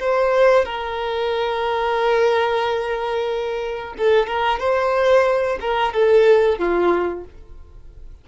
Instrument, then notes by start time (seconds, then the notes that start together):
violin
0.00 C5
0.65 A#4
3.98 A4
4.27 A#4
4.59 C5
5.61 A#4
5.94 A4
6.59 F4